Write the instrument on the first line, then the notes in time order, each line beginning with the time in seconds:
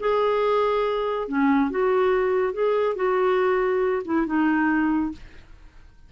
clarinet
0.00 G#4
1.29 C#4
1.71 F#4
2.54 G#4
2.96 F#4
4.05 E4
4.27 D#4